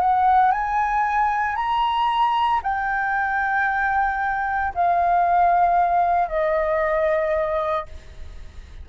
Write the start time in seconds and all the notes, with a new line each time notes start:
0.00 F#5
0.52 G#5
1.56 A#5
2.63 G5
4.75 F5
6.28 D#5